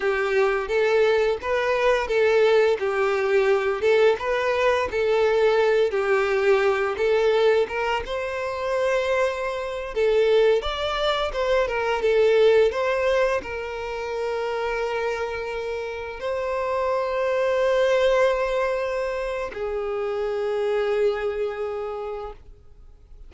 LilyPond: \new Staff \with { instrumentName = "violin" } { \time 4/4 \tempo 4 = 86 g'4 a'4 b'4 a'4 | g'4. a'8 b'4 a'4~ | a'8 g'4. a'4 ais'8 c''8~ | c''2~ c''16 a'4 d''8.~ |
d''16 c''8 ais'8 a'4 c''4 ais'8.~ | ais'2.~ ais'16 c''8.~ | c''1 | gis'1 | }